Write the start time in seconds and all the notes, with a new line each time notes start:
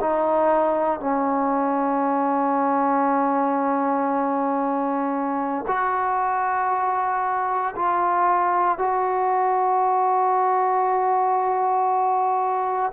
0.00 D#4
1.00 C#4
5.67 F#4
7.75 F4
8.78 F#4